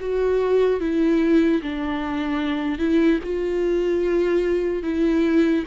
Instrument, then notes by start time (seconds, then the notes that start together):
viola
0.00 F#4
0.80 E4
1.62 D4
2.78 E4
3.23 F4
4.82 E4